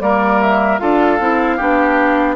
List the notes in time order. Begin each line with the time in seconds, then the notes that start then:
0.00 G3 A#3 A#4 D5
0.42 E5
0.78 D4 F4 A4 F5
1.20 C4 E4
1.57 B3 D4 G4